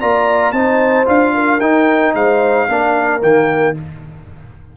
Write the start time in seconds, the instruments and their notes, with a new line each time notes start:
0.00 tuba A#3, trombone F4, horn D5, trumpet A#5
0.52 tuba C4, trombone D#4, horn C5, trumpet A5
1.05 tuba D4, trombone F4, trumpet F5
1.34 horn A#4
1.60 tuba D#4, trombone D#4, trumpet G5
2.14 tuba G#3, horn C5, trumpet F5
2.69 tuba A#3, trombone D4, horn A#4
3.21 tuba D#3, trombone A#3, trumpet G5